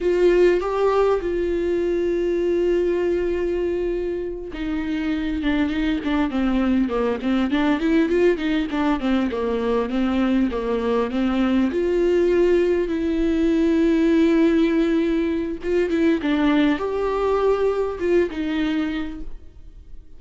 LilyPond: \new Staff \with { instrumentName = "viola" } { \time 4/4 \tempo 4 = 100 f'4 g'4 f'2~ | f'2.~ f'8 dis'8~ | dis'4 d'8 dis'8 d'8 c'4 ais8 | c'8 d'8 e'8 f'8 dis'8 d'8 c'8 ais8~ |
ais8 c'4 ais4 c'4 f'8~ | f'4. e'2~ e'8~ | e'2 f'8 e'8 d'4 | g'2 f'8 dis'4. | }